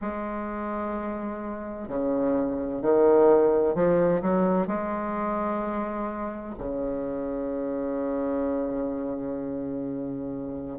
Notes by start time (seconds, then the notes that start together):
0.01 G#3
1.88 C#3
2.81 D#3
3.74 F3
4.22 F#3
4.67 G#3
6.58 C#3